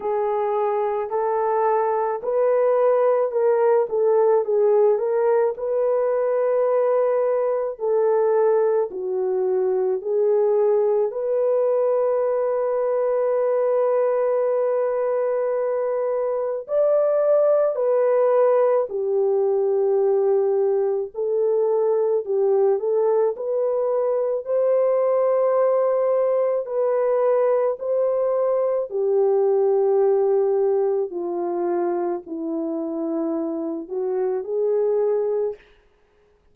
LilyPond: \new Staff \with { instrumentName = "horn" } { \time 4/4 \tempo 4 = 54 gis'4 a'4 b'4 ais'8 a'8 | gis'8 ais'8 b'2 a'4 | fis'4 gis'4 b'2~ | b'2. d''4 |
b'4 g'2 a'4 | g'8 a'8 b'4 c''2 | b'4 c''4 g'2 | f'4 e'4. fis'8 gis'4 | }